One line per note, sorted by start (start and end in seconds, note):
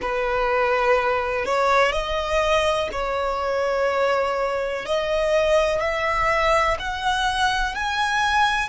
0.01 1.45 B4
1.45 1.91 C#5
1.91 2.88 D#5
2.92 4.85 C#5
4.85 5.80 D#5
5.80 6.77 E5
6.79 7.74 F#5
7.74 8.68 G#5